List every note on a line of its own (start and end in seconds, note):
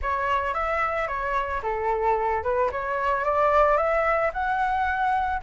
0.02 0.54 C#5
0.54 1.07 E5
1.07 1.61 C#5
1.62 2.43 A4
2.43 2.70 B4
2.71 3.24 C#5
3.24 3.77 D5
3.77 4.31 E5
4.33 5.41 F#5